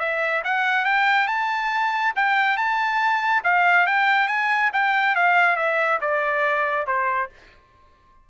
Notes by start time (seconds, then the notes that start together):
0.00 E5
0.45 F#5
0.86 G5
1.28 A5
2.16 G5
2.58 A5
3.44 F5
3.87 G5
4.28 G#5
4.73 G5
5.16 F5
5.57 E5
6.02 D5
6.87 C5